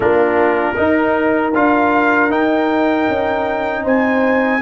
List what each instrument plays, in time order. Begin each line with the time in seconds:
0.00 tuba A#3, trombone D4, horn F4, trumpet A#4
0.75 trombone D#4, tuba D#4, horn A#4
1.54 tuba D4, trombone F4, trumpet F5
2.30 trombone D#4, tuba D#4, trumpet G5
3.08 tuba C#4
3.82 tuba C4, horn C5, trumpet G#5